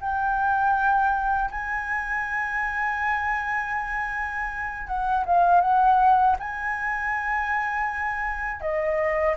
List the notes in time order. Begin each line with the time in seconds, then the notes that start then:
0.00 G5
1.51 G#5
4.87 F#5
5.25 F5
5.61 F#5
6.39 G#5
8.60 D#5